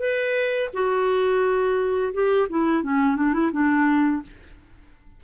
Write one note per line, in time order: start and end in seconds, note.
0.00 0.70 B4
0.74 2.13 F#4
2.14 2.49 G4
2.50 2.84 E4
2.84 3.17 C#4
3.17 3.34 D4
3.34 3.51 E4
3.53 4.22 D4